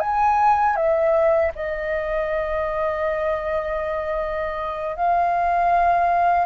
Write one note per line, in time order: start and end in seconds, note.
0.00 0.76 G#5
0.76 1.52 E5
1.55 4.96 D#5
4.96 6.46 F5